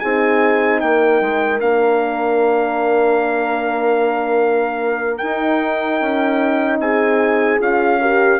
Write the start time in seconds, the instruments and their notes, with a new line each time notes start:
0.00 bassoon C4, horn D#4 G#4, trumpet G#5
0.80 bassoon A#3, horn A#4, trumpet G5
1.22 bassoon G#3
1.61 bassoon A#3, horn D4, trumpet F5
5.18 horn D#4, bassoon D#4, trumpet G5
6.01 bassoon C#4
6.80 bassoon C4, horn G#4, trumpet G#5
7.60 bassoon C#4, horn F4, trumpet F5
8.01 horn G4 A#4